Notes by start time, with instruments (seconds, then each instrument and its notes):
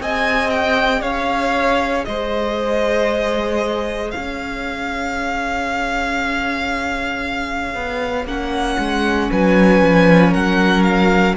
0.00 cello C4, viola G#4, violin D#5 G#5
0.50 violin G5
1.01 cello C#4, violin C#5 F5
2.04 cello G#3, violin C5 D#5
4.11 cello C#4, violin C#5 F5
7.74 cello B3
8.25 cello A#3, viola C#4, violin F#5
8.78 cello G#3
9.31 cello F#3, violin B4 G#5
9.82 cello F3
10.31 cello F#3, violin A#4 F#5
10.83 violin F5